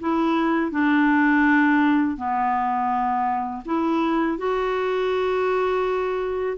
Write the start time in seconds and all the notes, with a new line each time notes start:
0.00 E4
0.71 D4
2.17 B3
3.65 E4
4.37 F#4